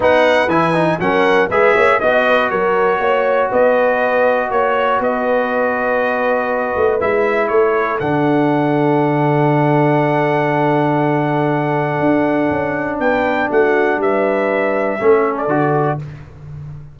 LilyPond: <<
  \new Staff \with { instrumentName = "trumpet" } { \time 4/4 \tempo 4 = 120 fis''4 gis''4 fis''4 e''4 | dis''4 cis''2 dis''4~ | dis''4 cis''4 dis''2~ | dis''2 e''4 cis''4 |
fis''1~ | fis''1~ | fis''2 g''4 fis''4 | e''2~ e''8. d''4~ d''16 | }
  \new Staff \with { instrumentName = "horn" } { \time 4/4 b'2 ais'4 b'8 cis''8 | dis''8 b'8 ais'4 cis''4 b'4~ | b'4 cis''4 b'2~ | b'2. a'4~ |
a'1~ | a'1~ | a'2 b'4 fis'4 | b'2 a'2 | }
  \new Staff \with { instrumentName = "trombone" } { \time 4/4 dis'4 e'8 dis'8 cis'4 gis'4 | fis'1~ | fis'1~ | fis'2 e'2 |
d'1~ | d'1~ | d'1~ | d'2 cis'4 fis'4 | }
  \new Staff \with { instrumentName = "tuba" } { \time 4/4 b4 e4 fis4 gis8 ais8 | b4 fis4 ais4 b4~ | b4 ais4 b2~ | b4. a8 gis4 a4 |
d1~ | d1 | d'4 cis'4 b4 a4 | g2 a4 d4 | }
>>